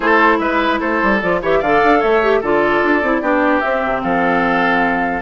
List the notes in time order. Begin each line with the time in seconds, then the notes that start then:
0.00 A3 E4 A4 C5
0.39 G#3 B4 E5
0.80 A3 A4 C5
1.02 G3
1.20 F3 F4 D5
1.42 E3 G4 C#5 E5
1.58 D3 A4 D5 F5
1.83 D4
1.99 A3 C#5 E5
2.22 G4
2.41 D3 F4 A4 D5
2.83 D4
3.02 C4 E4
3.21 B3 D4 G4
3.60 C4 E5
3.84 C3
4.02 F3 A4 F5